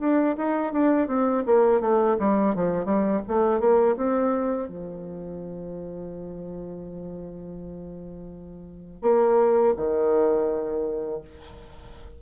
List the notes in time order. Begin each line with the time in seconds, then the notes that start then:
0.00 D4
0.38 D#4
0.73 D4
1.08 C4
1.46 A#3
1.81 A3
2.19 G3
2.55 F3
2.85 G3
3.28 A3
3.60 A#3
3.97 C4
4.69 F3
9.02 A#3
9.77 D#3